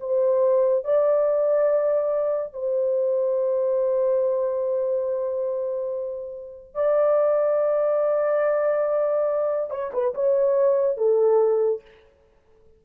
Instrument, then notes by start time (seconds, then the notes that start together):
horn
0.00 C5
0.84 D5
2.53 C5
6.75 D5
9.70 C#5
9.93 B4
10.14 C#5
10.97 A4